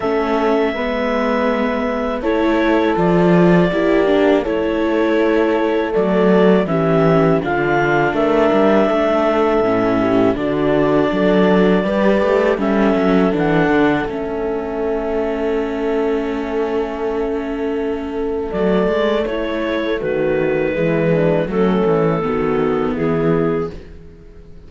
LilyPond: <<
  \new Staff \with { instrumentName = "clarinet" } { \time 4/4 \tempo 4 = 81 e''2. cis''4 | d''2 cis''2 | d''4 e''4 f''4 e''4~ | e''2 d''2~ |
d''4 e''4 fis''4 e''4~ | e''1~ | e''4 d''4 cis''4 b'4~ | b'4 a'2 gis'4 | }
  \new Staff \with { instrumentName = "horn" } { \time 4/4 a'4 b'2 a'4~ | a'4 g'4 a'2~ | a'4 g'4 f'4 ais'4 | a'4. g'8 fis'4 a'4 |
b'4 a'2.~ | a'1~ | a'2 e'4 fis'4 | e'8 d'8 cis'4 fis'4 e'4 | }
  \new Staff \with { instrumentName = "viola" } { \time 4/4 cis'4 b2 e'4 | f'4 e'8 d'8 e'2 | a4 cis'4 d'2~ | d'4 cis'4 d'2 |
g'4 cis'4 d'4 cis'4~ | cis'1~ | cis'4 a2. | gis4 a4 b2 | }
  \new Staff \with { instrumentName = "cello" } { \time 4/4 a4 gis2 a4 | f4 ais4 a2 | fis4 e4 d4 a8 g8 | a4 a,4 d4 fis4 |
g8 a8 g8 fis8 e8 d8 a4~ | a1~ | a4 fis8 gis8 a4 dis4 | e4 fis8 e8 dis4 e4 | }
>>